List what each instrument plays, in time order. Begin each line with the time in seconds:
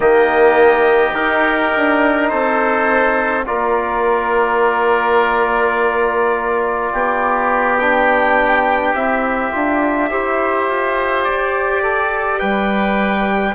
0.00 bassoon D#3, trombone A#3, oboe G4, trumpet D#5
1.13 trombone D#4, bassoon D#4, trumpet A#4
1.76 bassoon D4
2.29 bassoon C4, oboe A4, trumpet C5
3.45 bassoon A#3, trombone F4, oboe A#4, trumpet D5
6.92 bassoon B3, oboe G4
7.78 trombone D4, trumpet G5
8.93 bassoon C4, trombone E4, trumpet E5
9.51 bassoon D4, trombone F4
10.09 bassoon E4, trombone G4, oboe C5
10.68 bassoon F4
11.24 bassoon G4, trumpet D5
11.82 oboe A4
12.39 bassoon G3, oboe B4, trumpet G5